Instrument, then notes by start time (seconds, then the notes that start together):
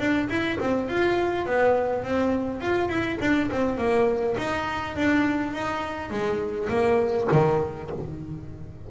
double bass
0.00 D4
0.30 E4
0.61 C4
0.89 F4
1.47 B3
2.05 C4
2.61 F4
2.90 E4
3.21 D4
3.51 C4
3.78 A#3
4.38 D#4
4.97 D4
5.54 D#4
6.11 G#3
6.70 A#3
7.33 D#3